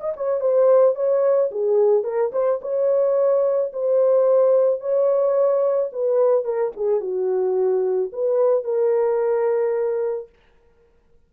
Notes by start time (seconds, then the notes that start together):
0.00 D#5
0.17 C#5
0.40 C5
0.95 C#5
1.51 G#4
2.04 A#4
2.32 C5
2.62 C#5
3.73 C5
4.80 C#5
5.92 B4
6.44 A#4
6.77 G#4
7.00 F#4
8.12 B4
8.64 A#4